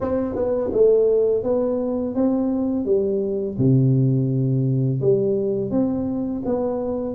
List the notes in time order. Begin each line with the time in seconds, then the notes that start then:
0.00 C4
0.35 B3
0.72 A3
1.43 B3
2.14 C4
2.85 G3
3.57 C3
5.01 G3
5.70 C4
6.45 B3